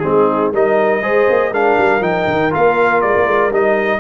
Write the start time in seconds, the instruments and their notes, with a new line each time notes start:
0.00 tuba G#3, trombone C4, horn D#4, trumpet G#4
0.53 tuba G3, trombone D#4, horn A#4, trumpet D#5
1.02 tuba G#3, trombone G#4, horn C5
1.30 tuba A#3
1.51 tuba G#3, trombone D4, horn A#4, trumpet F5
1.78 tuba G3
2.01 tuba F3, trombone D#4, trumpet G5
2.27 tuba D#3
2.51 tuba A#3, trombone F4, trumpet F5
3.02 tuba G#3, trumpet D5
3.16 tuba A#3
3.27 tuba G#3
3.50 tuba G3, trombone D#4, trumpet D#5